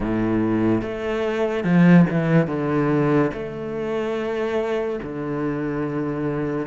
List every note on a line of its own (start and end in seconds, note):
0.00 0.81 A2
0.81 1.64 A3
1.64 2.05 F3
2.09 2.47 E3
2.47 3.30 D3
3.33 4.99 A3
5.02 6.67 D3